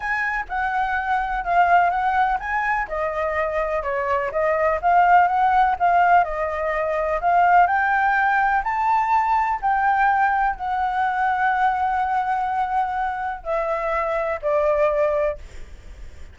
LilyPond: \new Staff \with { instrumentName = "flute" } { \time 4/4 \tempo 4 = 125 gis''4 fis''2 f''4 | fis''4 gis''4 dis''2 | cis''4 dis''4 f''4 fis''4 | f''4 dis''2 f''4 |
g''2 a''2 | g''2 fis''2~ | fis''1 | e''2 d''2 | }